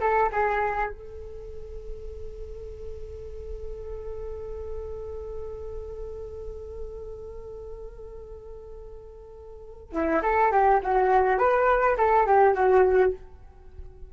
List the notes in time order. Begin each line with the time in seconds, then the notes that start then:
0.00 A4
0.32 G#4
0.90 A4
9.92 E4
10.22 A4
10.51 G4
10.82 F#4
11.38 B4
11.98 A4
12.26 G4
12.54 F#4